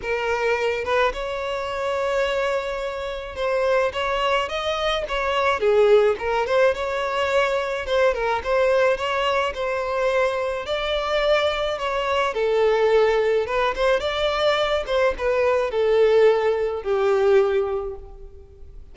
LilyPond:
\new Staff \with { instrumentName = "violin" } { \time 4/4 \tempo 4 = 107 ais'4. b'8 cis''2~ | cis''2 c''4 cis''4 | dis''4 cis''4 gis'4 ais'8 c''8 | cis''2 c''8 ais'8 c''4 |
cis''4 c''2 d''4~ | d''4 cis''4 a'2 | b'8 c''8 d''4. c''8 b'4 | a'2 g'2 | }